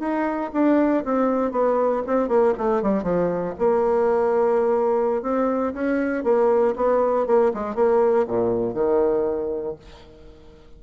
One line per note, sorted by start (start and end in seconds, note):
0.00 0.51 D#4
0.53 1.04 D4
1.05 1.52 C4
1.52 2.03 B3
2.07 2.28 C4
2.28 2.54 A#3
2.58 2.83 A3
2.83 3.03 G3
3.03 3.54 F3
3.59 5.23 A#3
5.23 5.74 C4
5.74 6.24 C#4
6.24 6.75 A#3
6.76 7.27 B3
7.27 7.52 A#3
7.54 7.75 G#3
7.75 8.26 A#3
8.28 8.74 A#2
8.74 9.76 D#3